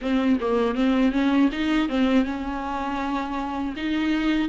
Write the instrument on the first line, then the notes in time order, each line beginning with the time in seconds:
viola
0.01 C4
0.40 A#3
0.74 C4
1.12 C#4
1.52 D#4
1.89 C4
2.24 C#4
3.76 D#4